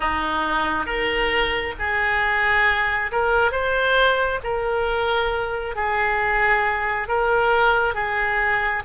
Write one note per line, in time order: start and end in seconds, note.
0.00 0.86 D#4
0.86 1.74 A#4
1.78 3.11 G#4
3.11 3.51 A#4
3.51 4.39 C5
4.43 5.75 A#4
5.75 7.07 G#4
7.07 7.94 A#4
7.94 8.82 G#4